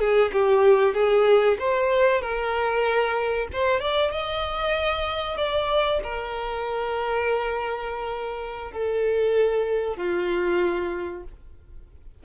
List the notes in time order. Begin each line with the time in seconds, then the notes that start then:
0.00 G#4
0.33 G4
0.95 G#4
1.60 C5
2.22 A#4
3.53 C5
3.81 D5
4.12 D#5
5.37 D5
6.04 A#4
8.72 A4
9.97 F4